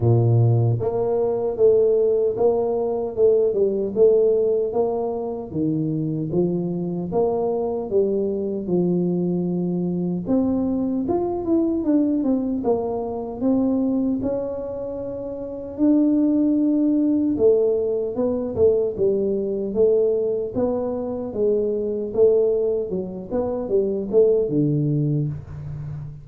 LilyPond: \new Staff \with { instrumentName = "tuba" } { \time 4/4 \tempo 4 = 76 ais,4 ais4 a4 ais4 | a8 g8 a4 ais4 dis4 | f4 ais4 g4 f4~ | f4 c'4 f'8 e'8 d'8 c'8 |
ais4 c'4 cis'2 | d'2 a4 b8 a8 | g4 a4 b4 gis4 | a4 fis8 b8 g8 a8 d4 | }